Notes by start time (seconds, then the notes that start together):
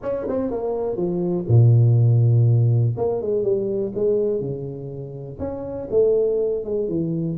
0.02 C#4
0.28 C4
0.51 A#3
0.96 F3
1.48 A#2
2.97 A#3
3.21 G#3
3.43 G3
3.94 G#3
4.40 C#3
5.39 C#4
5.90 A3
6.64 G#3
6.88 E3